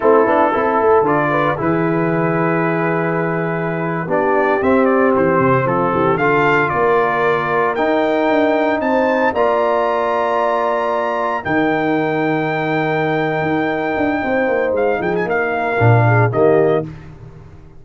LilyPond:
<<
  \new Staff \with { instrumentName = "trumpet" } { \time 4/4 \tempo 4 = 114 a'2 d''4 b'4~ | b'2.~ b'8. d''16~ | d''8. e''8 d''8 c''4 a'4 f''16~ | f''8. d''2 g''4~ g''16~ |
g''8. a''4 ais''2~ ais''16~ | ais''4.~ ais''16 g''2~ g''16~ | g''1 | f''8 g''16 gis''16 f''2 dis''4 | }
  \new Staff \with { instrumentName = "horn" } { \time 4/4 e'4 a'4. b'8 gis'4~ | gis'2.~ gis'8. g'16~ | g'2~ g'8. f'8 g'8 a'16~ | a'8. ais'2.~ ais'16~ |
ais'8. c''4 d''2~ d''16~ | d''4.~ d''16 ais'2~ ais'16~ | ais'2. c''4~ | c''8 gis'8 ais'4. gis'8 g'4 | }
  \new Staff \with { instrumentName = "trombone" } { \time 4/4 c'8 d'8 e'4 f'4 e'4~ | e'2.~ e'8. d'16~ | d'8. c'2. f'16~ | f'2~ f'8. dis'4~ dis'16~ |
dis'4.~ dis'16 f'2~ f'16~ | f'4.~ f'16 dis'2~ dis'16~ | dis'1~ | dis'2 d'4 ais4 | }
  \new Staff \with { instrumentName = "tuba" } { \time 4/4 a8 b8 c'8 a8 d4 e4~ | e2.~ e8. b16~ | b8. c'4 e8 c8 f8 e8 d16~ | d8. ais2 dis'4 d'16~ |
d'8. c'4 ais2~ ais16~ | ais4.~ ais16 dis2~ dis16~ | dis4. dis'4 d'8 c'8 ais8 | gis8 f8 ais4 ais,4 dis4 | }
>>